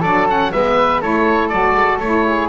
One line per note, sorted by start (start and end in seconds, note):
0.00 0.52 F#3
0.00 0.27 D4
0.00 0.50 A4
0.00 0.27 D5
0.27 0.52 C#4
0.27 0.52 F#5
0.52 1.02 G#3
0.52 1.02 B3
0.52 1.01 B4
0.52 1.01 E5
1.01 1.51 A3
1.01 1.51 E4
1.01 2.25 A4
1.01 1.49 C#5
1.49 1.74 F#3
1.49 2.01 F#4
1.49 1.98 D5
1.74 1.98 G#3
1.99 2.49 A3
1.99 2.49 E4
1.99 2.49 C#5
2.26 2.49 G#4